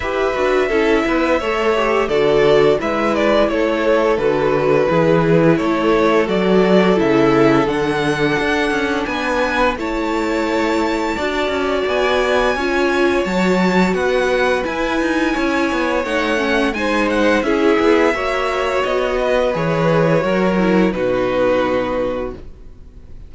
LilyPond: <<
  \new Staff \with { instrumentName = "violin" } { \time 4/4 \tempo 4 = 86 e''2. d''4 | e''8 d''8 cis''4 b'2 | cis''4 d''4 e''4 fis''4~ | fis''4 gis''4 a''2~ |
a''4 gis''2 a''4 | fis''4 gis''2 fis''4 | gis''8 fis''8 e''2 dis''4 | cis''2 b'2 | }
  \new Staff \with { instrumentName = "violin" } { \time 4/4 b'4 a'8 b'8 cis''4 a'4 | b'4 a'2 gis'4 | a'1~ | a'4 b'4 cis''2 |
d''2 cis''2 | b'2 cis''2 | c''4 gis'4 cis''4. b'8~ | b'4 ais'4 fis'2 | }
  \new Staff \with { instrumentName = "viola" } { \time 4/4 g'8 fis'8 e'4 a'8 g'8 fis'4 | e'2 fis'4 e'4~ | e'4 fis'4 e'4 d'4~ | d'2 e'2 |
fis'2 f'4 fis'4~ | fis'4 e'2 dis'8 cis'8 | dis'4 e'4 fis'2 | gis'4 fis'8 e'8 dis'2 | }
  \new Staff \with { instrumentName = "cello" } { \time 4/4 e'8 d'8 cis'8 b8 a4 d4 | gis4 a4 d4 e4 | a4 fis4 cis4 d4 | d'8 cis'8 b4 a2 |
d'8 cis'8 b4 cis'4 fis4 | b4 e'8 dis'8 cis'8 b8 a4 | gis4 cis'8 b8 ais4 b4 | e4 fis4 b,2 | }
>>